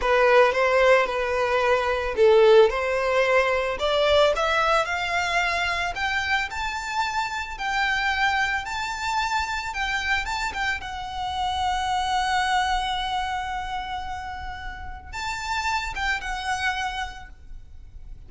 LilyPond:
\new Staff \with { instrumentName = "violin" } { \time 4/4 \tempo 4 = 111 b'4 c''4 b'2 | a'4 c''2 d''4 | e''4 f''2 g''4 | a''2 g''2 |
a''2 g''4 a''8 g''8 | fis''1~ | fis''1 | a''4. g''8 fis''2 | }